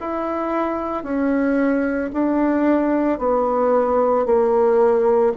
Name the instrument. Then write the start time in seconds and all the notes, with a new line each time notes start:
bassoon
0.00 E4
1.03 C#4
2.13 D4
3.18 B3
4.25 A#3